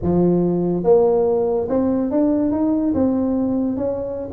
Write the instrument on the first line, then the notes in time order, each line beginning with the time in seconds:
tuba
0.02 F3
0.83 A#3
1.68 C4
2.10 D4
2.51 D#4
2.94 C4
3.76 C#4